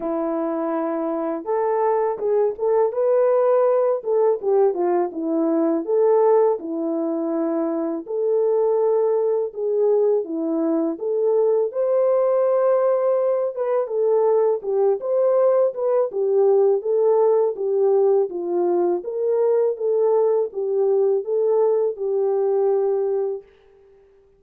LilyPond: \new Staff \with { instrumentName = "horn" } { \time 4/4 \tempo 4 = 82 e'2 a'4 gis'8 a'8 | b'4. a'8 g'8 f'8 e'4 | a'4 e'2 a'4~ | a'4 gis'4 e'4 a'4 |
c''2~ c''8 b'8 a'4 | g'8 c''4 b'8 g'4 a'4 | g'4 f'4 ais'4 a'4 | g'4 a'4 g'2 | }